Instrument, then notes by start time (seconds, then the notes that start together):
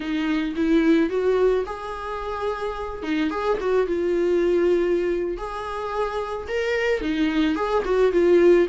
viola
0.00 D#4
0.56 E4
1.09 F#4
1.65 G#4
3.03 D#4
3.30 G#4
3.60 F#4
3.86 F4
5.37 G#4
6.48 A#4
7.01 D#4
7.55 G#4
7.84 F#4
8.12 F4